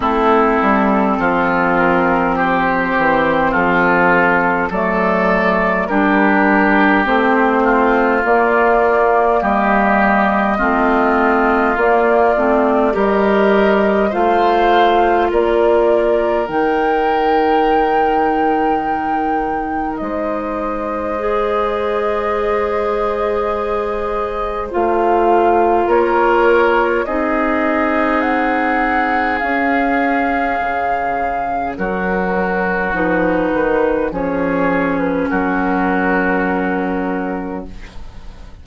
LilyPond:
<<
  \new Staff \with { instrumentName = "flute" } { \time 4/4 \tempo 4 = 51 a'4. ais'8 c''4 a'4 | d''4 ais'4 c''4 d''4 | dis''2 d''4 dis''4 | f''4 d''4 g''2~ |
g''4 dis''2.~ | dis''4 f''4 cis''4 dis''4 | fis''4 f''2 ais'4 | b'4 cis''8. b'16 ais'2 | }
  \new Staff \with { instrumentName = "oboe" } { \time 4/4 e'4 f'4 g'4 f'4 | a'4 g'4. f'4. | g'4 f'2 ais'4 | c''4 ais'2.~ |
ais'4 c''2.~ | c''2 ais'4 gis'4~ | gis'2. fis'4~ | fis'4 gis'4 fis'2 | }
  \new Staff \with { instrumentName = "clarinet" } { \time 4/4 c'1 | a4 d'4 c'4 ais4~ | ais4 c'4 ais8 c'8 g'4 | f'2 dis'2~ |
dis'2 gis'2~ | gis'4 f'2 dis'4~ | dis'4 cis'2. | dis'4 cis'2. | }
  \new Staff \with { instrumentName = "bassoon" } { \time 4/4 a8 g8 f4. e8 f4 | fis4 g4 a4 ais4 | g4 a4 ais8 a8 g4 | a4 ais4 dis2~ |
dis4 gis2.~ | gis4 a4 ais4 c'4~ | c'4 cis'4 cis4 fis4 | f8 dis8 f4 fis2 | }
>>